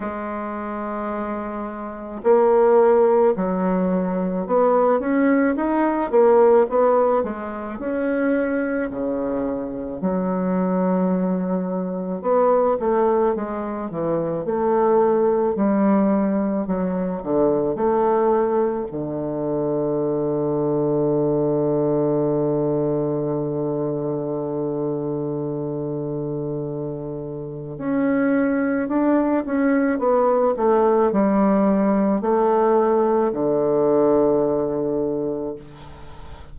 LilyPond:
\new Staff \with { instrumentName = "bassoon" } { \time 4/4 \tempo 4 = 54 gis2 ais4 fis4 | b8 cis'8 dis'8 ais8 b8 gis8 cis'4 | cis4 fis2 b8 a8 | gis8 e8 a4 g4 fis8 d8 |
a4 d2.~ | d1~ | d4 cis'4 d'8 cis'8 b8 a8 | g4 a4 d2 | }